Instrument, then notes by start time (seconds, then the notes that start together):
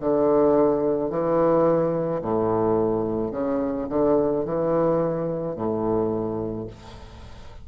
bassoon
0.00 D3
1.10 E3
2.21 A2
3.31 C#3
3.89 D3
4.44 E3
5.55 A2